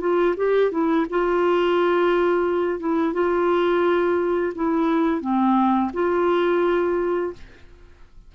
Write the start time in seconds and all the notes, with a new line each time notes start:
0.00 F4
0.36 G4
0.71 E4
1.10 F4
2.79 E4
3.13 F4
4.55 E4
5.21 C4
5.93 F4